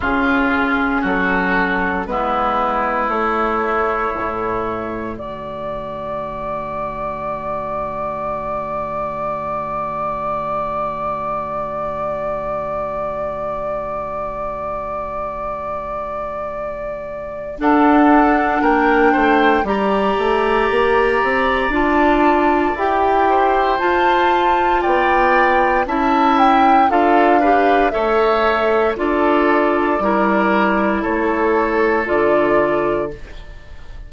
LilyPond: <<
  \new Staff \with { instrumentName = "flute" } { \time 4/4 \tempo 4 = 58 gis'4 a'4 b'4 cis''4~ | cis''4 d''2.~ | d''1~ | d''1~ |
d''4 fis''4 g''4 ais''4~ | ais''4 a''4 g''4 a''4 | g''4 a''8 g''8 f''4 e''4 | d''2 cis''4 d''4 | }
  \new Staff \with { instrumentName = "oboe" } { \time 4/4 f'4 fis'4 e'2~ | e'4 fis'2.~ | fis'1~ | fis'1~ |
fis'4 a'4 ais'8 c''8 d''4~ | d''2~ d''8 c''4. | d''4 e''4 a'8 b'8 cis''4 | a'4 ais'4 a'2 | }
  \new Staff \with { instrumentName = "clarinet" } { \time 4/4 cis'2 b4 a4~ | a1~ | a1~ | a1~ |
a4 d'2 g'4~ | g'4 f'4 g'4 f'4~ | f'4 e'4 f'8 g'8 a'4 | f'4 e'2 f'4 | }
  \new Staff \with { instrumentName = "bassoon" } { \time 4/4 cis4 fis4 gis4 a4 | a,4 d2.~ | d1~ | d1~ |
d4 d'4 ais8 a8 g8 a8 | ais8 c'8 d'4 e'4 f'4 | b4 cis'4 d'4 a4 | d'4 g4 a4 d4 | }
>>